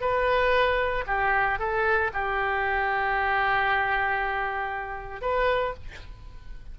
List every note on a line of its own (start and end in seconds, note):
0.00 1.04 B4
1.06 1.58 G4
1.58 2.11 A4
2.13 5.21 G4
5.21 5.73 B4